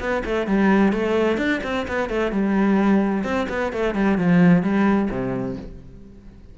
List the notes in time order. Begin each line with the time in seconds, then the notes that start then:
0.00 B3
0.25 A3
0.47 G3
0.93 A3
1.38 D4
1.64 C4
1.88 B3
2.10 A3
2.32 G3
3.24 C4
3.49 B3
3.73 A3
3.95 G3
4.18 F3
4.63 G3
5.11 C3